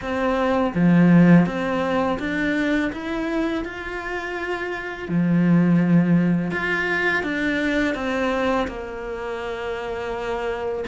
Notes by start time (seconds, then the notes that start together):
0.01 C4
0.74 F3
1.46 C4
2.19 D4
2.92 E4
3.64 F4
5.08 F3
6.51 F4
7.23 D4
7.95 C4
8.67 A#3